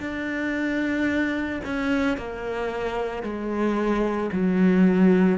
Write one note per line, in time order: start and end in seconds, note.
0.00 1.61 D4
1.64 2.17 C#4
2.17 3.22 A#3
3.22 4.30 G#3
4.32 5.38 F#3